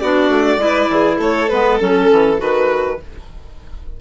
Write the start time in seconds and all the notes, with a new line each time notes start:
0.00 B3 D4 F#4 D5
0.29 A3
0.58 G#3 E4 B4
0.90 E3 G#4
1.19 A3 A4 C#5
1.49 G#3 B3 B4
1.79 F#3 C#4 A4
2.12 E3
2.38 D#3 F#4 B4